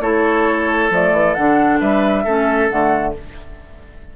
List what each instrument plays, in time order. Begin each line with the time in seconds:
0.00 bassoon A3, clarinet E4, oboe A4, flute C#5
0.90 bassoon F3, clarinet A3, flute D5
1.12 bassoon E3
1.34 bassoon D3, clarinet D4, flute F#5
1.80 bassoon G3, oboe B4, flute E5
2.24 bassoon A3, clarinet C#4, oboe A4
2.69 bassoon D3, clarinet A3, flute F#5